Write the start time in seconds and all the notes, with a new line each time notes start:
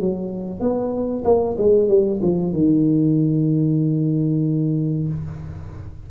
0.00 F#3
0.60 B3
1.24 A#3
1.58 G#3
1.88 G3
2.22 F3
2.53 D#3